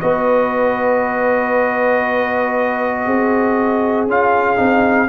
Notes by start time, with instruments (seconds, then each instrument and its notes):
0.00 tuba B3, trombone F#4, horn B4, trumpet D#5
3.04 tuba C4, horn G#4
4.06 tuba C#4, trombone F4, trumpet F5
4.56 tuba C4, trombone D#4